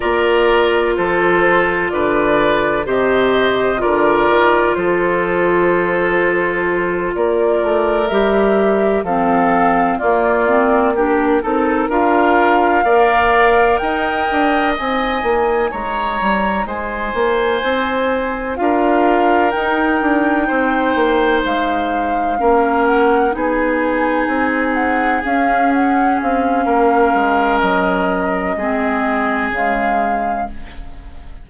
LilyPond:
<<
  \new Staff \with { instrumentName = "flute" } { \time 4/4 \tempo 4 = 63 d''4 c''4 d''4 dis''4 | d''4 c''2~ c''8 d''8~ | d''8 e''4 f''4 d''4 ais'8~ | ais'8 f''2 g''4 gis''8~ |
gis''8 ais''4 gis''2 f''8~ | f''8 g''2 f''4. | fis''8 gis''4. fis''8 f''8 fis''8 f''8~ | f''4 dis''2 f''4 | }
  \new Staff \with { instrumentName = "oboe" } { \time 4/4 ais'4 a'4 b'4 c''4 | ais'4 a'2~ a'8 ais'8~ | ais'4. a'4 f'4 g'8 | a'8 ais'4 d''4 dis''4.~ |
dis''8 cis''4 c''2 ais'8~ | ais'4. c''2 ais'8~ | ais'8 gis'2.~ gis'8 | ais'2 gis'2 | }
  \new Staff \with { instrumentName = "clarinet" } { \time 4/4 f'2. g'4 | f'1~ | f'8 g'4 c'4 ais8 c'8 d'8 | dis'8 f'4 ais'2 dis'8~ |
dis'2.~ dis'8 f'8~ | f'8 dis'2. cis'8~ | cis'8 dis'2 cis'4.~ | cis'2 c'4 gis4 | }
  \new Staff \with { instrumentName = "bassoon" } { \time 4/4 ais4 f4 d4 c4 | d8 dis8 f2~ f8 ais8 | a8 g4 f4 ais4. | c'8 d'4 ais4 dis'8 d'8 c'8 |
ais8 gis8 g8 gis8 ais8 c'4 d'8~ | d'8 dis'8 d'8 c'8 ais8 gis4 ais8~ | ais8 b4 c'4 cis'4 c'8 | ais8 gis8 fis4 gis4 cis4 | }
>>